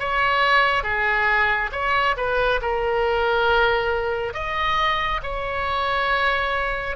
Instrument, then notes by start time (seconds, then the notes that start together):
oboe
0.00 C#5
0.83 G#4
1.72 C#5
2.17 B4
2.62 A#4
4.34 D#5
5.23 C#5